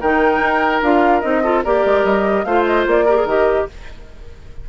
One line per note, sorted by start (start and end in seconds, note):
0.00 0.40 D#3
0.00 0.82 D#4
0.00 1.43 A#4
0.00 0.82 G5
0.40 0.81 D#4
0.81 1.22 D4
0.81 1.22 F4
0.81 1.21 F5
1.21 1.65 C4
1.21 1.42 D#4
1.21 1.61 D#5
1.43 1.63 F4
1.43 1.63 A4
1.63 1.85 A#3
1.63 2.46 G4
1.63 2.45 A#4
1.63 2.04 D5
1.85 2.04 G#3
2.04 2.45 G3
2.04 2.44 D#5
2.44 2.85 A3
2.44 3.07 F4
2.44 3.05 C5
2.44 2.65 F5
2.65 2.86 D#5
2.86 3.24 A#3
2.86 3.28 D5
3.05 3.16 G4
3.05 3.66 A#4
3.16 3.27 G#4
3.24 3.65 D#3
3.24 3.69 G4
3.24 3.69 D#5